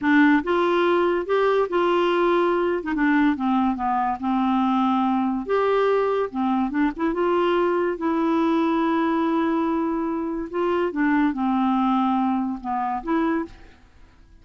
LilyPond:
\new Staff \with { instrumentName = "clarinet" } { \time 4/4 \tempo 4 = 143 d'4 f'2 g'4 | f'2~ f'8. dis'16 d'4 | c'4 b4 c'2~ | c'4 g'2 c'4 |
d'8 e'8 f'2 e'4~ | e'1~ | e'4 f'4 d'4 c'4~ | c'2 b4 e'4 | }